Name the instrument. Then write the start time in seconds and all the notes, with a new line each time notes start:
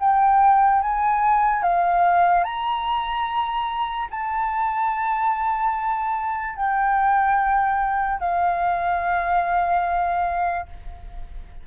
flute
0.00 G5
0.82 G#5
1.63 F5
2.44 A#5
4.11 A5
6.56 G5
8.20 F5